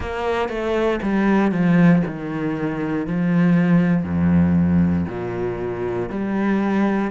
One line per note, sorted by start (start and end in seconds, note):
0.00 0.48 A#3
0.48 0.99 A3
1.02 1.51 G3
1.51 2.02 F3
2.06 3.06 D#3
3.06 4.04 F3
4.04 5.05 F2
5.08 6.09 A#2
6.09 7.11 G3